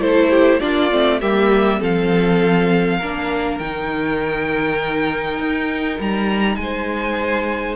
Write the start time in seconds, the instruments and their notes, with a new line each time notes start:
0.00 cello A3, viola E4, violin A4 C5
0.31 violin G4
0.60 cello A#3, viola D4, violin F4 D5
0.91 cello A3, viola C4
1.21 cello G3, viola A#3, violin G4 E5
1.80 cello F3, viola C4, violin A4 F5
2.98 cello A#3, viola D4, violin A#4
3.59 cello D#3, viola D#4, violin G5
5.39 cello D#4
6.00 cello G3, violin A#5
6.56 cello G#3, violin G#5
6.62 violin C5